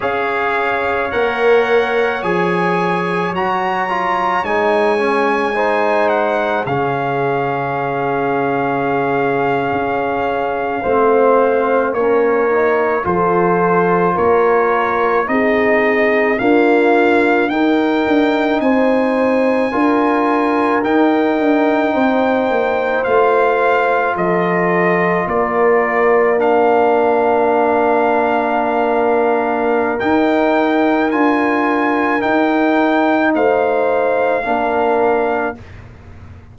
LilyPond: <<
  \new Staff \with { instrumentName = "trumpet" } { \time 4/4 \tempo 4 = 54 f''4 fis''4 gis''4 ais''4 | gis''4. fis''8 f''2~ | f''2~ f''8. cis''4 c''16~ | c''8. cis''4 dis''4 f''4 g''16~ |
g''8. gis''2 g''4~ g''16~ | g''8. f''4 dis''4 d''4 f''16~ | f''2. g''4 | gis''4 g''4 f''2 | }
  \new Staff \with { instrumentName = "horn" } { \time 4/4 cis''1~ | cis''4 c''4 gis'2~ | gis'4.~ gis'16 c''4 ais'4 a'16~ | a'8. ais'4 gis'4 f'4 ais'16~ |
ais'8. c''4 ais'2 c''16~ | c''4.~ c''16 a'4 ais'4~ ais'16~ | ais'1~ | ais'2 c''4 ais'4 | }
  \new Staff \with { instrumentName = "trombone" } { \time 4/4 gis'4 ais'4 gis'4 fis'8 f'8 | dis'8 cis'8 dis'4 cis'2~ | cis'4.~ cis'16 c'4 cis'8 dis'8 f'16~ | f'4.~ f'16 dis'4 ais4 dis'16~ |
dis'4.~ dis'16 f'4 dis'4~ dis'16~ | dis'8. f'2. d'16~ | d'2. dis'4 | f'4 dis'2 d'4 | }
  \new Staff \with { instrumentName = "tuba" } { \time 4/4 cis'4 ais4 f4 fis4 | gis2 cis2~ | cis8. cis'4 a4 ais4 f16~ | f8. ais4 c'4 d'4 dis'16~ |
dis'16 d'8 c'4 d'4 dis'8 d'8 c'16~ | c'16 ais8 a4 f4 ais4~ ais16~ | ais2. dis'4 | d'4 dis'4 a4 ais4 | }
>>